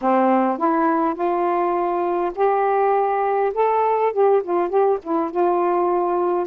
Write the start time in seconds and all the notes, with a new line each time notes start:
0.01 C4
0.57 E4
1.14 F4
2.35 G4
3.53 A4
4.12 G4
4.43 F4
4.69 G4
5.02 E4
5.30 F4